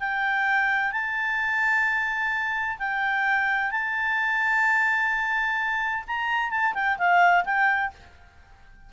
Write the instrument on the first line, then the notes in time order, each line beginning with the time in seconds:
clarinet
0.00 G5
0.92 A5
2.79 G5
3.72 A5
6.07 A#5
6.51 A5
6.75 G5
6.98 F5
7.45 G5